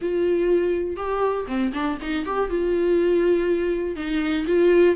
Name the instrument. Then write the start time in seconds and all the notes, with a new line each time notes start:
viola
0.01 F4
0.96 G4
1.47 C4
1.73 D4
2.01 D#4
2.25 G4
2.49 F4
3.96 D#4
4.47 F4